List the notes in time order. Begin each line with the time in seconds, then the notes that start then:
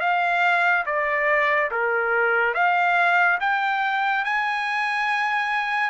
0.00 F5
0.86 D5
1.71 A#4
2.54 F5
3.40 G5
4.24 G#5